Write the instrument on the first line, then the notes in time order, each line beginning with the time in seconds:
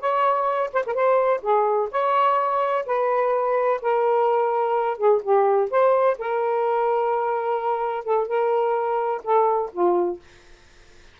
saxophone
0.00 C#5
0.73 C5
0.86 A#4
0.94 C5
1.42 G#4
1.91 C#5
2.86 B4
3.82 A#4
4.98 G#4
5.23 G4
5.71 C5
6.18 A#4
8.04 A4
8.28 A#4
9.24 A4
9.73 F4